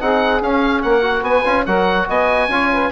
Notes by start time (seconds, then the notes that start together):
0.00 C4 D#4 G#4 F#5
0.41 C#4 F5
0.82 A#3 A#4 F#5
1.02 F#4
1.22 B3 B4 G#5
1.45 C#4 F4
1.65 F#3 F#4 A#4 F#5
2.08 B3 D#5 G#5
2.48 C#4 F4 C#5
2.72 B4